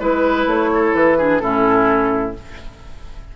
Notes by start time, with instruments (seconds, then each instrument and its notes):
0.00 bassoon G#3, clarinet E4, oboe B4, flute B4
0.47 bassoon A3, flute C#5
0.75 oboe A4
0.95 bassoon E3, flute B4
1.18 clarinet D4, oboe G#4
1.39 bassoon A2, clarinet C#4, oboe E4, flute A4